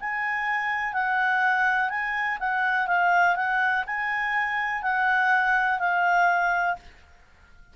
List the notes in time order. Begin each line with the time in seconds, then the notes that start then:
0.00 G#5
0.93 F#5
1.90 G#5
2.40 F#5
2.87 F5
3.36 F#5
3.86 G#5
4.83 F#5
5.79 F5